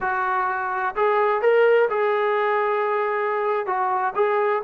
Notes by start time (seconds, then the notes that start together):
0.00 F#4
0.95 G#4
1.41 A#4
1.89 G#4
3.66 F#4
4.15 G#4